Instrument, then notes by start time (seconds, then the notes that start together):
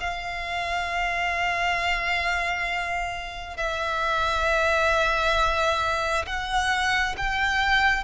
violin
0.00 F5
3.57 E5
6.26 F#5
7.17 G5